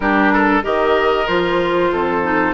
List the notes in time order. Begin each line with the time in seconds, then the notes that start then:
0.00 G3 D4 G4 A#4
0.33 A4
0.62 D#3 G4 A#4 D#5
1.27 F3 F4 C5
1.92 F2 A4
2.23 D#4